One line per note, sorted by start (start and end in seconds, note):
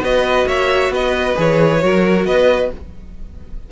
0.00 0.45 B3
0.00 1.35 F#4
0.00 0.47 B4
0.00 0.48 D#5
0.47 0.89 A#3
0.47 0.92 C#5
0.47 0.93 E5
0.89 1.34 B3
0.89 1.84 B4
0.89 1.38 D#5
1.35 1.82 E3
1.35 1.80 G#4
1.35 2.25 C#5
1.81 2.25 F#3
1.81 2.70 F#4
1.81 2.27 A#4
2.25 2.70 B3
2.25 2.72 B4
2.25 2.70 D#5